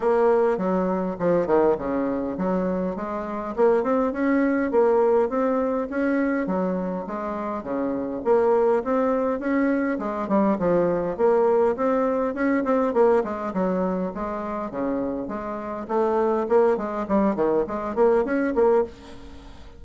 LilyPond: \new Staff \with { instrumentName = "bassoon" } { \time 4/4 \tempo 4 = 102 ais4 fis4 f8 dis8 cis4 | fis4 gis4 ais8 c'8 cis'4 | ais4 c'4 cis'4 fis4 | gis4 cis4 ais4 c'4 |
cis'4 gis8 g8 f4 ais4 | c'4 cis'8 c'8 ais8 gis8 fis4 | gis4 cis4 gis4 a4 | ais8 gis8 g8 dis8 gis8 ais8 cis'8 ais8 | }